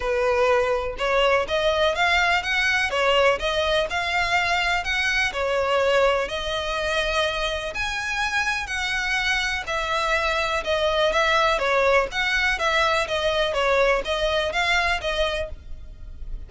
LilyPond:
\new Staff \with { instrumentName = "violin" } { \time 4/4 \tempo 4 = 124 b'2 cis''4 dis''4 | f''4 fis''4 cis''4 dis''4 | f''2 fis''4 cis''4~ | cis''4 dis''2. |
gis''2 fis''2 | e''2 dis''4 e''4 | cis''4 fis''4 e''4 dis''4 | cis''4 dis''4 f''4 dis''4 | }